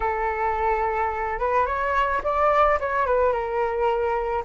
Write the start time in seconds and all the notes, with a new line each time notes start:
0.00 A4
1.39 B4
1.66 C#5
2.23 D5
2.80 C#5
3.06 B4
3.32 A#4